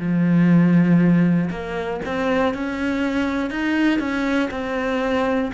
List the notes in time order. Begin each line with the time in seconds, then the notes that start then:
0.00 F3
1.50 A#3
2.05 C4
2.54 C#4
3.51 D#4
4.00 C#4
4.51 C4